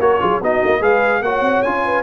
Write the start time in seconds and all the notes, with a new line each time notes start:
0.00 A#3 F#4 A#4 C#5
0.21 F#3 F4 G#4
0.41 B3 D#4 F#4 D#5
0.64 A#3
0.80 G#3 G#4 B4 F5
1.22 A#3 F#4 C#5 F#5
1.41 C4
1.63 C#4 F4 G#5
1.86 B4